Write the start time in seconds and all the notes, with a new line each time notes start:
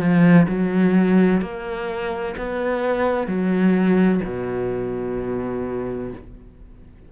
0.00 F3
0.48 F#3
1.41 A#3
2.37 B3
3.27 F#3
4.25 B2